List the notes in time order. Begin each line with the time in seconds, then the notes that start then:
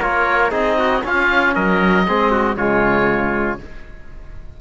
0.00 A#3 F4 A#4 C#5
0.50 C4 D#4 G#4 D#5
0.78 F#4
1.03 C#4 F4 F5
1.55 F#3 A#4 D#5
2.08 G#3 C4 G#4
2.31 F#4
2.56 C#3 G#3 F4 C#5